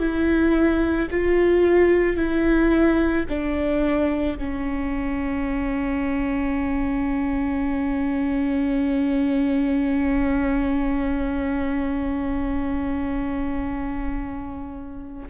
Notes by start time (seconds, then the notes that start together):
0.00 E4
1.11 F4
2.17 E4
3.29 D4
4.38 C#4